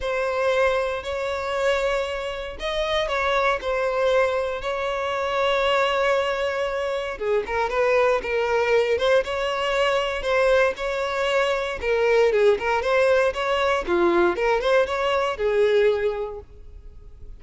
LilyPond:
\new Staff \with { instrumentName = "violin" } { \time 4/4 \tempo 4 = 117 c''2 cis''2~ | cis''4 dis''4 cis''4 c''4~ | c''4 cis''2.~ | cis''2 gis'8 ais'8 b'4 |
ais'4. c''8 cis''2 | c''4 cis''2 ais'4 | gis'8 ais'8 c''4 cis''4 f'4 | ais'8 c''8 cis''4 gis'2 | }